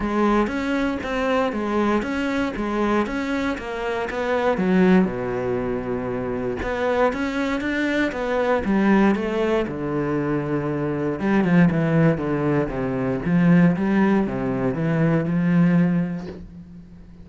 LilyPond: \new Staff \with { instrumentName = "cello" } { \time 4/4 \tempo 4 = 118 gis4 cis'4 c'4 gis4 | cis'4 gis4 cis'4 ais4 | b4 fis4 b,2~ | b,4 b4 cis'4 d'4 |
b4 g4 a4 d4~ | d2 g8 f8 e4 | d4 c4 f4 g4 | c4 e4 f2 | }